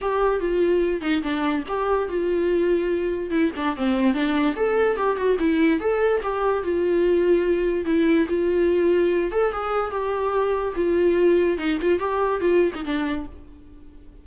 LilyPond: \new Staff \with { instrumentName = "viola" } { \time 4/4 \tempo 4 = 145 g'4 f'4. dis'8 d'4 | g'4 f'2. | e'8 d'8 c'4 d'4 a'4 | g'8 fis'8 e'4 a'4 g'4 |
f'2. e'4 | f'2~ f'8 a'8 gis'4 | g'2 f'2 | dis'8 f'8 g'4 f'8. dis'16 d'4 | }